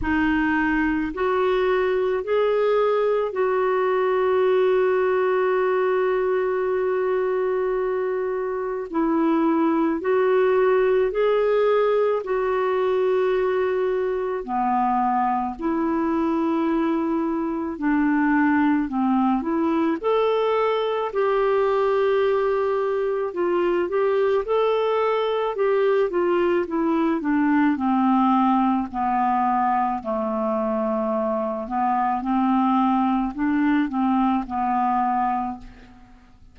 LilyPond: \new Staff \with { instrumentName = "clarinet" } { \time 4/4 \tempo 4 = 54 dis'4 fis'4 gis'4 fis'4~ | fis'1 | e'4 fis'4 gis'4 fis'4~ | fis'4 b4 e'2 |
d'4 c'8 e'8 a'4 g'4~ | g'4 f'8 g'8 a'4 g'8 f'8 | e'8 d'8 c'4 b4 a4~ | a8 b8 c'4 d'8 c'8 b4 | }